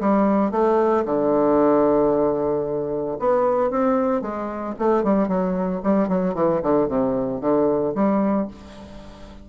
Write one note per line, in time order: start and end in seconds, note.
0.00 0.51 G3
0.51 1.05 A3
1.05 3.18 D3
3.19 3.70 B3
3.70 4.21 C4
4.21 4.74 G#3
4.79 5.04 A3
5.04 5.28 G3
5.28 5.81 F#3
5.83 6.09 G3
6.09 6.35 F#3
6.35 6.61 E3
6.63 6.88 D3
6.88 7.41 C3
7.41 7.94 D3
7.95 8.48 G3